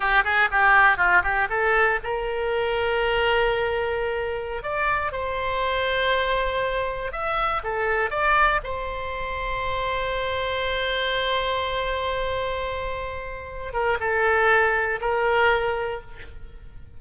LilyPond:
\new Staff \with { instrumentName = "oboe" } { \time 4/4 \tempo 4 = 120 g'8 gis'8 g'4 f'8 g'8 a'4 | ais'1~ | ais'4~ ais'16 d''4 c''4.~ c''16~ | c''2~ c''16 e''4 a'8.~ |
a'16 d''4 c''2~ c''8.~ | c''1~ | c''2.~ c''8 ais'8 | a'2 ais'2 | }